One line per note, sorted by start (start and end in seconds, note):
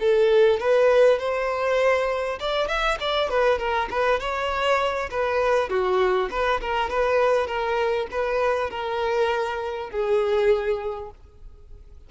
0.00 0.60 A4
0.60 1.19 B4
1.19 2.39 C5
2.40 2.68 D5
2.68 2.98 E5
3.01 3.30 D5
3.30 3.59 B4
3.59 3.89 A#4
3.90 4.20 B4
4.20 5.10 C#5
5.11 5.70 B4
5.70 6.30 F#4
6.31 6.61 B4
6.61 6.90 A#4
6.90 7.47 B4
7.47 8.07 A#4
8.11 8.71 B4
8.71 9.91 A#4
9.91 11.11 G#4